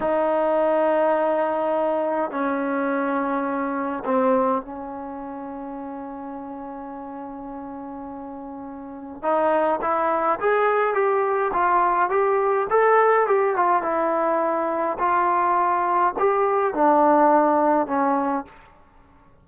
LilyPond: \new Staff \with { instrumentName = "trombone" } { \time 4/4 \tempo 4 = 104 dis'1 | cis'2. c'4 | cis'1~ | cis'1 |
dis'4 e'4 gis'4 g'4 | f'4 g'4 a'4 g'8 f'8 | e'2 f'2 | g'4 d'2 cis'4 | }